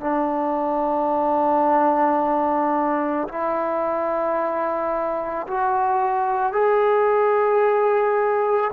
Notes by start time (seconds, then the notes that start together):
0.00 D4
3.28 E4
5.47 F#4
6.52 G#4